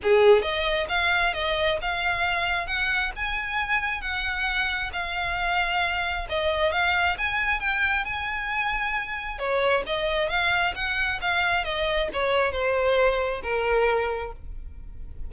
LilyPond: \new Staff \with { instrumentName = "violin" } { \time 4/4 \tempo 4 = 134 gis'4 dis''4 f''4 dis''4 | f''2 fis''4 gis''4~ | gis''4 fis''2 f''4~ | f''2 dis''4 f''4 |
gis''4 g''4 gis''2~ | gis''4 cis''4 dis''4 f''4 | fis''4 f''4 dis''4 cis''4 | c''2 ais'2 | }